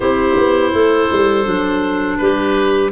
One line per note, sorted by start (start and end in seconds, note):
0.00 0.36 C4
0.00 1.44 E4
0.00 0.72 G4
0.00 2.17 C5
0.36 0.73 B3
0.72 1.09 A3
0.72 2.18 A4
1.12 1.46 G3
1.44 2.19 F#3
1.44 2.90 D4
2.17 2.91 G3
2.17 2.91 G4
2.17 2.90 B4